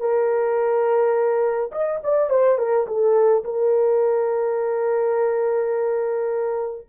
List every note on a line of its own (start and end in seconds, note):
0.00 1.71 A#4
1.72 2.01 D#5
2.04 2.30 D5
2.30 2.58 C5
2.58 2.87 A#4
2.87 3.44 A4
3.44 6.87 A#4